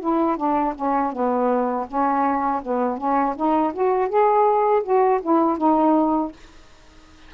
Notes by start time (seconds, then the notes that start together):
0.00 E4
0.37 D4
0.75 C#4
1.12 B3
1.87 C#4
2.62 B3
2.98 C#4
3.36 D#4
3.73 F#4
4.08 G#4
4.83 F#4
5.22 E4
5.58 D#4